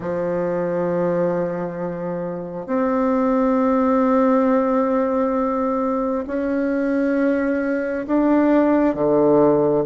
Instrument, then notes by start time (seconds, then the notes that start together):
bassoon
0.00 F3
2.66 C4
6.27 C#4
8.07 D4
8.94 D3